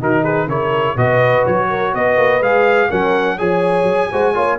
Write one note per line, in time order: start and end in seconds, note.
0.00 0.47 D#3
0.00 0.49 D#4
0.00 0.23 F#4
0.00 0.25 A#4
0.23 0.47 G#4
0.23 0.49 B4
0.47 0.95 C#3
0.47 0.97 E4
0.47 0.96 A#4
0.47 0.97 C#5
0.96 1.45 B2
0.96 2.43 F#4
0.96 1.69 B4
0.96 1.46 D#5
1.46 1.95 F#3
1.46 1.95 C#5
1.70 1.94 A#4
1.95 2.17 B3
1.95 2.90 B4
1.95 2.43 D#5
2.17 2.40 A#3
2.40 2.89 G#3
2.40 2.90 G#4
2.40 2.91 F5
2.90 3.40 F#3
2.90 3.39 C#4
2.90 3.38 A#4
2.90 3.38 F#5
3.38 3.83 F3
3.38 4.11 G#4
3.38 4.11 C#5
3.38 4.59 G#5
3.83 4.07 F#3
4.12 4.36 G#3
4.12 4.34 F#4
4.12 4.34 C5
4.34 4.59 A#3
4.34 4.59 F4
4.34 4.59 C#5